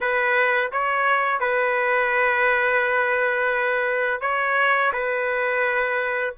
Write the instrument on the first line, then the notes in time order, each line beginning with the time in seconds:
trumpet
0.00 B4
0.72 C#5
1.40 B4
4.21 C#5
4.92 B4